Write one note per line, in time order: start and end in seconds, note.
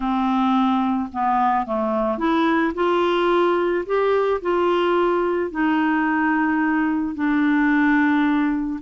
0.00 1.09 C4
1.12 1.65 B3
1.65 2.18 A3
2.18 2.73 E4
2.74 3.84 F4
3.86 4.41 G4
4.41 5.50 F4
5.50 7.14 D#4
7.14 8.79 D4